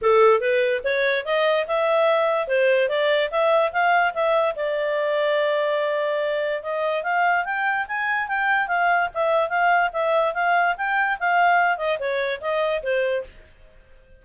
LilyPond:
\new Staff \with { instrumentName = "clarinet" } { \time 4/4 \tempo 4 = 145 a'4 b'4 cis''4 dis''4 | e''2 c''4 d''4 | e''4 f''4 e''4 d''4~ | d''1 |
dis''4 f''4 g''4 gis''4 | g''4 f''4 e''4 f''4 | e''4 f''4 g''4 f''4~ | f''8 dis''8 cis''4 dis''4 c''4 | }